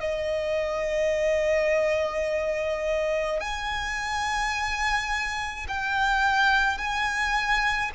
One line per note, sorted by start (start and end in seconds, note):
0.00 3.40 D#5
3.40 5.67 G#5
5.68 6.78 G5
6.78 7.91 G#5